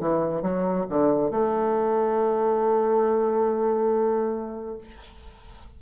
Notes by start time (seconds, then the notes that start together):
0.00 E3
0.42 F#3
0.89 D3
1.31 A3